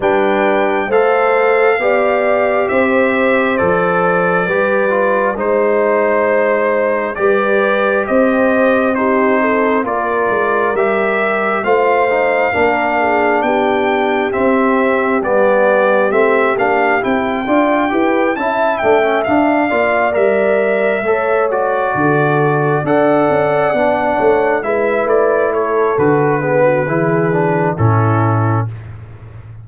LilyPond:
<<
  \new Staff \with { instrumentName = "trumpet" } { \time 4/4 \tempo 4 = 67 g''4 f''2 e''4 | d''2 c''2 | d''4 dis''4 c''4 d''4 | e''4 f''2 g''4 |
e''4 d''4 e''8 f''8 g''4~ | g''8 a''8 g''8 f''4 e''4. | d''4. fis''2 e''8 | d''8 cis''8 b'2 a'4 | }
  \new Staff \with { instrumentName = "horn" } { \time 4/4 b'4 c''4 d''4 c''4~ | c''4 b'4 c''2 | b'4 c''4 g'8 a'8 ais'4~ | ais'4 c''4 ais'8 gis'8 g'4~ |
g'2.~ g'8 d''8 | b'8 e''4. d''4. cis''8~ | cis''8 a'4 d''4. cis''8 b'8~ | b'8 a'4 gis'16 fis'16 gis'4 e'4 | }
  \new Staff \with { instrumentName = "trombone" } { \time 4/4 d'4 a'4 g'2 | a'4 g'8 f'8 dis'2 | g'2 dis'4 f'4 | g'4 f'8 dis'8 d'2 |
c'4 b4 c'8 d'8 e'8 f'8 | g'8 e'8 d'16 cis'16 d'8 f'8 ais'4 a'8 | fis'4. a'4 d'4 e'8~ | e'4 fis'8 b8 e'8 d'8 cis'4 | }
  \new Staff \with { instrumentName = "tuba" } { \time 4/4 g4 a4 b4 c'4 | f4 g4 gis2 | g4 c'2 ais8 gis8 | g4 a4 ais4 b4 |
c'4 g4 a8 ais8 c'8 d'8 | e'8 cis'8 a8 d'8 ais8 g4 a8~ | a8 d4 d'8 cis'8 b8 a8 gis8 | a4 d4 e4 a,4 | }
>>